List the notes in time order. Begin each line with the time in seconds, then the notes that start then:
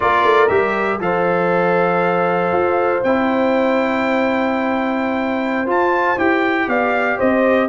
0.00 A#3 F4 A#4 D5
0.24 A3
0.48 G3 G4 E5
1.00 F3 A4 C5 F5
2.52 F4
3.03 C4 E4 G5
5.65 F4 A5
6.17 E4 G4 G5
6.67 B3 D5 F5
7.17 C4 C5 D#5